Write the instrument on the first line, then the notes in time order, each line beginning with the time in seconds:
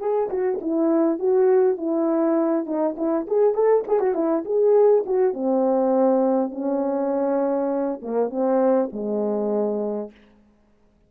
horn
0.00 G#4
0.30 F#4
0.62 E4
1.20 F#4
1.78 E4
2.66 D#4
2.97 E4
3.28 G#4
3.55 A4
3.88 G#4
4.00 F#4
4.15 E4
4.46 G#4
5.06 F#4
5.34 C4
6.52 C#4
8.03 A#3
8.31 C4
8.93 G#3